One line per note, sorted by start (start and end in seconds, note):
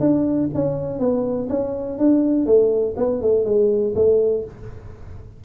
0.00 0.49 D4
0.54 0.99 C#4
0.99 1.48 B3
1.49 1.98 C#4
1.98 2.46 D4
2.46 2.95 A3
2.97 3.21 B3
3.22 3.45 A3
3.45 3.94 G#3
3.95 4.44 A3